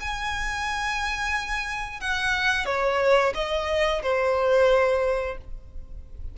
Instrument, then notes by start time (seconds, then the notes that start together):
violin
0.00 G#5
2.00 F#5
2.66 C#5
3.34 D#5
4.02 C5